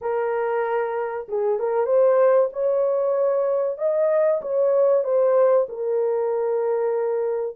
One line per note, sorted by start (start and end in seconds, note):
0.01 1.27 A#4
1.28 1.59 G#4
1.59 1.86 A#4
1.86 2.49 C5
2.53 3.78 C#5
3.78 4.41 D#5
4.41 5.04 C#5
5.04 5.67 C5
5.68 7.56 A#4